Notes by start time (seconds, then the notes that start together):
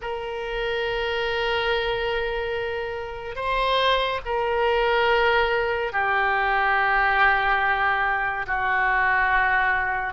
0.01 A#4
3.35 C5
4.25 A#4
5.92 G4
8.47 F#4